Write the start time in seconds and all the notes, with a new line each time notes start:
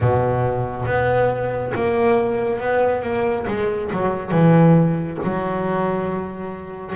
0.00 B2
0.85 B3
1.74 A#3
2.60 B3
3.02 A#3
3.47 G#3
3.91 F#3
4.31 E3
5.23 F#3